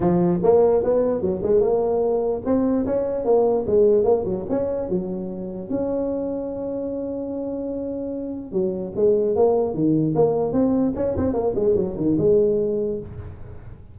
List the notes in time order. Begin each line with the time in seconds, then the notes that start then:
0.00 F3
0.43 A#3
0.83 B3
1.21 F#3
1.42 G#3
1.61 A#3
2.45 C4
2.86 C#4
3.24 A#3
3.66 G#3
4.04 A#3
4.25 F#3
4.49 C#4
4.89 F#3
5.69 C#4
8.51 F#3
8.95 G#3
9.35 A#3
9.74 D#3
10.15 A#3
10.52 C4
10.95 C#4
11.16 C4
11.33 A#3
11.55 G#3
11.75 F#3
11.96 D#3
12.18 G#3